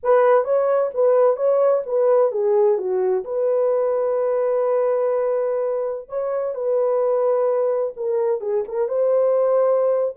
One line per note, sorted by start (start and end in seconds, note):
0.03 0.44 B4
0.44 0.90 C#5
0.94 1.36 B4
1.36 1.82 C#5
1.86 2.31 B4
2.31 2.77 G#4
2.78 3.24 F#4
3.24 6.08 B4
6.08 6.55 C#5
6.55 7.93 B4
7.96 8.40 A#4
8.40 8.63 G#4
8.67 8.88 A#4
8.88 10.15 C5